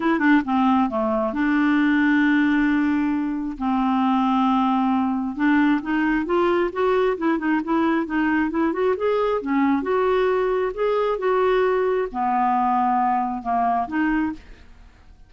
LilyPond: \new Staff \with { instrumentName = "clarinet" } { \time 4/4 \tempo 4 = 134 e'8 d'8 c'4 a4 d'4~ | d'1 | c'1 | d'4 dis'4 f'4 fis'4 |
e'8 dis'8 e'4 dis'4 e'8 fis'8 | gis'4 cis'4 fis'2 | gis'4 fis'2 b4~ | b2 ais4 dis'4 | }